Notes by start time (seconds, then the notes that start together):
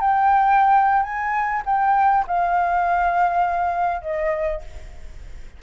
0.00 G5
1.03 G#5
1.66 G5
2.27 F5
4.02 D#5